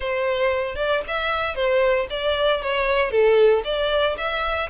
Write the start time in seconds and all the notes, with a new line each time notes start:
0.00 C5
0.75 D5
1.07 E5
1.55 C5
2.10 D5
2.62 C#5
3.10 A4
3.64 D5
4.17 E5